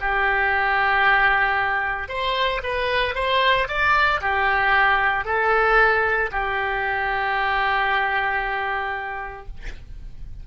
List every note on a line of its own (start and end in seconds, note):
0.00 2.08 G4
2.08 2.61 C5
2.63 3.14 B4
3.14 3.67 C5
3.67 4.20 D5
4.20 5.24 G4
5.24 6.30 A4
6.31 9.47 G4